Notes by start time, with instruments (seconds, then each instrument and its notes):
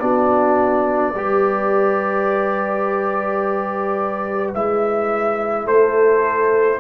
0.00 tuba B3, trombone D4, horn F#4, trumpet D5
1.14 tuba G3, trombone G4, horn B4
4.55 tuba G#3, trombone E4, trumpet E5
5.65 tuba A3, horn A4, trumpet C5